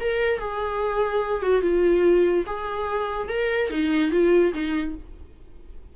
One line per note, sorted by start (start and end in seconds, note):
0.00 0.39 A#4
0.39 1.42 G#4
1.42 1.61 F#4
1.61 2.45 F4
2.46 3.28 G#4
3.28 3.70 A#4
3.70 4.11 D#4
4.11 4.52 F4
4.53 4.95 D#4